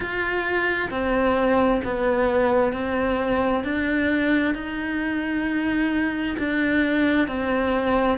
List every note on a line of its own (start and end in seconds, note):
0.00 0.89 F4
0.90 1.81 C4
1.84 2.73 B3
2.73 3.64 C4
3.64 4.54 D4
4.54 6.36 D#4
6.38 7.27 D4
7.27 8.18 C4